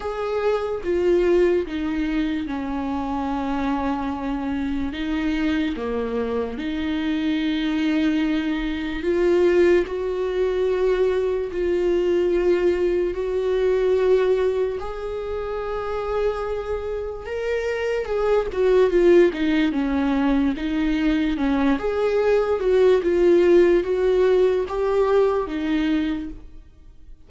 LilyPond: \new Staff \with { instrumentName = "viola" } { \time 4/4 \tempo 4 = 73 gis'4 f'4 dis'4 cis'4~ | cis'2 dis'4 ais4 | dis'2. f'4 | fis'2 f'2 |
fis'2 gis'2~ | gis'4 ais'4 gis'8 fis'8 f'8 dis'8 | cis'4 dis'4 cis'8 gis'4 fis'8 | f'4 fis'4 g'4 dis'4 | }